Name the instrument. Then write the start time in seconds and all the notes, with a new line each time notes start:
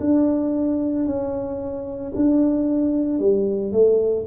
tuba
0.00 D4
1.06 C#4
2.16 D4
3.19 G3
3.73 A3